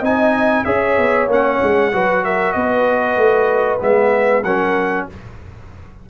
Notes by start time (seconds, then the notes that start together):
0.00 C4 D#4 D#5 G#5
0.64 C#4 G#4 C#5 E5
0.98 B3
1.28 A#3 C#4 F#5
1.63 G#3
1.92 F#3 F#4 B4
2.24 A#4 E5
2.52 B3 B4 D#5
3.17 A3
3.79 G#3 B3 E5
4.44 F#3 C#4 A#4 F#5